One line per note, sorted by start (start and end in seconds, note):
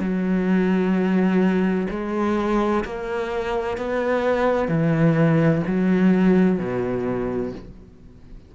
0.00 1.87 F#3
1.90 2.84 G#3
2.85 3.78 A#3
3.78 4.68 B3
4.68 5.62 E3
5.67 6.59 F#3
6.59 7.53 B2